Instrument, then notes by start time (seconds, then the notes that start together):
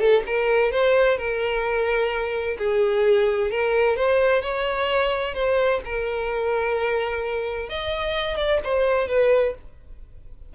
violin
0.00 A4
0.27 A#4
0.72 C5
1.18 A#4
2.58 G#4
3.51 A#4
3.97 C5
4.42 C#5
5.35 C5
5.85 A#4
7.70 D#5
8.37 D5
8.64 C5
9.08 B4